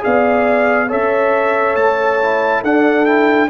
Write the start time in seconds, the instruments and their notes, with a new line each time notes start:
0.00 tuba B3, trombone G#4, horn D5, trumpet F5
0.88 tuba C#4, trombone A4, horn C#5, trumpet E5
1.76 tuba A3, trumpet A5
2.22 trombone E4
2.61 tuba D4, trombone D4, horn A4, trumpet F#5
3.05 trombone E4, trumpet G5